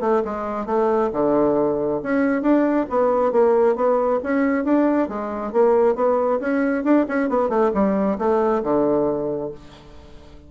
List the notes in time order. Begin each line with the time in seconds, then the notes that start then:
0.00 A3
0.24 G#3
0.65 A3
1.12 D3
2.02 C#4
2.42 D4
2.89 B3
3.31 A#3
3.75 B3
4.23 C#4
4.64 D4
5.08 G#3
5.52 A#3
5.95 B3
6.40 C#4
6.84 D4
7.08 C#4
7.29 B3
7.49 A3
7.73 G3
8.18 A3
8.63 D3